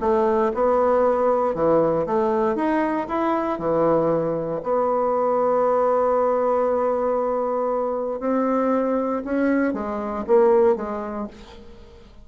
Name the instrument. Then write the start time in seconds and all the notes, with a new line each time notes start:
bassoon
0.00 A3
0.54 B3
1.54 E3
2.06 A3
2.55 D#4
3.08 E4
3.59 E3
4.63 B3
8.20 C4
9.24 C#4
9.73 G#3
10.27 A#3
10.76 G#3